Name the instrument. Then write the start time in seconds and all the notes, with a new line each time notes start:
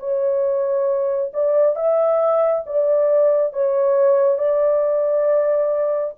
horn
0.00 C#5
1.34 D5
1.76 E5
2.67 D5
3.54 C#5
4.38 D5